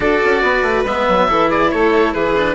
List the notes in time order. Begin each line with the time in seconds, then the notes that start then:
0.00 D4 F#4 A4 D5
0.24 C#4
0.41 B3 B4
0.62 A3
0.84 G#3 B3 E5
1.08 F#3
1.28 E3 E4 A4
1.49 G#4 D5
1.71 A3 A4 C#5
2.13 E3 G#4 B4
2.36 D4